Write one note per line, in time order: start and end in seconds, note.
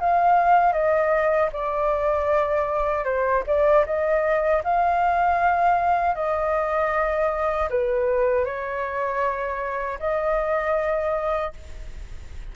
0.00 0.73 F5
0.73 1.50 D#5
1.53 3.05 D5
3.05 3.43 C5
3.47 3.85 D5
3.86 4.63 D#5
4.64 6.15 F5
6.15 7.69 D#5
7.70 8.45 B4
8.45 9.99 C#5
9.99 11.53 D#5